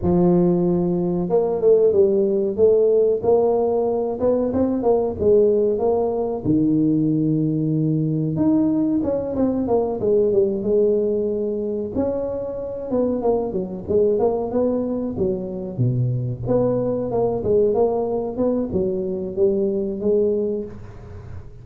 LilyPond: \new Staff \with { instrumentName = "tuba" } { \time 4/4 \tempo 4 = 93 f2 ais8 a8 g4 | a4 ais4. b8 c'8 ais8 | gis4 ais4 dis2~ | dis4 dis'4 cis'8 c'8 ais8 gis8 |
g8 gis2 cis'4. | b8 ais8 fis8 gis8 ais8 b4 fis8~ | fis8 b,4 b4 ais8 gis8 ais8~ | ais8 b8 fis4 g4 gis4 | }